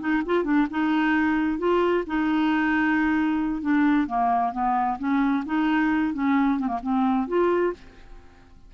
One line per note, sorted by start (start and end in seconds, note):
0.00 0.23 D#4
0.26 0.44 F4
0.44 0.67 D4
0.71 1.59 D#4
1.59 2.04 F4
2.07 3.62 D#4
3.62 4.07 D4
4.07 4.53 A#3
4.53 4.98 B3
4.99 5.44 C#4
5.46 6.14 D#4
6.14 6.59 C#4
6.59 6.68 C4
6.68 6.79 A#3
6.82 7.28 C4
7.28 7.73 F4